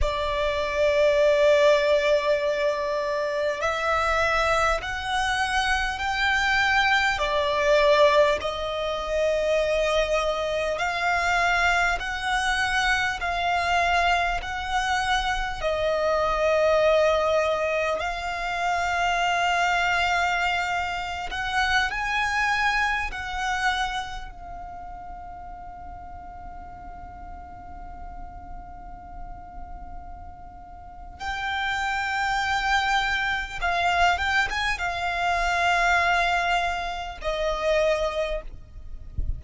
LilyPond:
\new Staff \with { instrumentName = "violin" } { \time 4/4 \tempo 4 = 50 d''2. e''4 | fis''4 g''4 d''4 dis''4~ | dis''4 f''4 fis''4 f''4 | fis''4 dis''2 f''4~ |
f''4.~ f''16 fis''8 gis''4 fis''8.~ | fis''16 f''2.~ f''8.~ | f''2 g''2 | f''8 g''16 gis''16 f''2 dis''4 | }